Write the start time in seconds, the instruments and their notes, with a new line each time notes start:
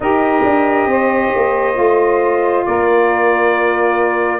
0.00 tuba D#4, saxophone G4 A#4, trumpet D#5
0.43 tuba D4
0.86 tuba C4, saxophone C5
1.35 tuba A#3
1.73 tuba A3, saxophone F4
2.65 tuba A#3, saxophone A#4, trumpet D5